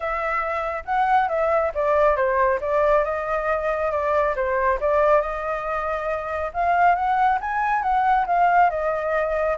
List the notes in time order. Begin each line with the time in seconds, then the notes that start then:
0.00 E5
0.85 F#5
1.28 E5
1.74 D5
2.16 C5
2.61 D5
3.04 D#5
3.91 D5
4.35 C5
4.80 D5
5.21 D#5
6.53 F5
6.95 F#5
7.40 G#5
7.82 F#5
8.26 F5
8.70 D#5